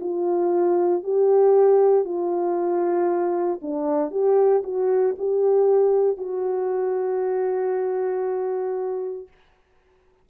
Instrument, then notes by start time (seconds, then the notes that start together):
horn
0.00 F4
1.03 G4
2.05 F4
3.62 D4
4.11 G4
4.64 F#4
5.18 G4
6.17 F#4